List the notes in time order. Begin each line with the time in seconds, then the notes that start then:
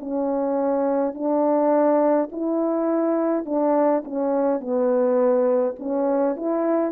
0.00 C#4
1.14 D4
2.32 E4
3.46 D4
4.04 C#4
4.60 B3
5.80 C#4
6.36 E4